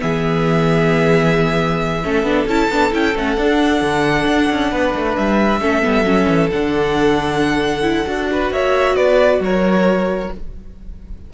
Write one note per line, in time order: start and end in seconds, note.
0.00 2.04 E3
0.00 2.01 B3
0.00 2.04 G#4
0.00 2.48 E5
2.04 2.23 A3
2.04 2.25 C#4
2.04 4.71 A4
2.23 2.45 B3
2.23 2.47 D4
2.46 2.68 C#4
2.46 2.71 E4
2.46 2.93 A5
2.70 2.92 B3
2.70 2.91 D4
2.91 3.15 C#4
2.91 3.14 E4
2.91 3.17 G5
3.15 3.37 A3
3.15 3.38 C#4
3.15 5.16 F#5
3.37 3.82 D4
3.37 5.61 D4
3.82 4.26 D3
4.27 4.50 D4
4.50 4.72 C#4
4.71 4.94 B3
4.71 5.61 B4
4.95 5.17 A3
5.16 5.61 G3
5.16 6.50 E5
5.61 5.83 A3
5.61 5.82 C#4
5.61 8.30 A4
5.82 6.03 G3
5.82 6.04 B3
6.03 6.25 F#3
6.03 6.49 C#4
6.28 6.50 E3
6.51 8.06 D3
6.51 7.82 D4
6.51 8.52 F#5
7.82 8.05 E4
8.06 8.51 D4
8.06 10.30 F#4
8.31 8.53 B4
8.51 8.96 A#3
8.51 8.96 C#5
8.51 8.96 E5
8.96 9.39 B3
8.96 9.41 B4
8.96 9.41 D5
9.39 10.29 F#3
9.39 10.33 A#4
9.39 10.33 C#5